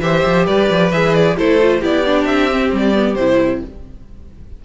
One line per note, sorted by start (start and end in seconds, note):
0.00 0.23 E3
0.00 0.92 G4
0.00 0.45 C5
0.00 0.45 E5
0.25 0.47 F3
0.45 0.69 G3
0.45 1.36 B4
0.45 0.91 D5
0.70 0.92 F3
0.92 1.37 E3
0.92 1.37 G#4
0.92 1.14 E5
1.14 1.36 D5
1.37 1.82 A3
1.37 1.60 E4
1.37 1.79 A4
1.37 1.83 C5
1.61 1.81 F4
1.79 2.24 B3
1.79 2.04 E4
1.79 3.59 G4
1.79 2.25 D5
2.06 2.51 D4
2.24 2.69 C4
2.24 2.70 E5
2.51 2.93 C4
2.72 3.15 G3
2.72 3.14 D5
2.93 3.16 B3
3.14 3.60 C3
3.14 3.65 E4
3.14 3.59 C5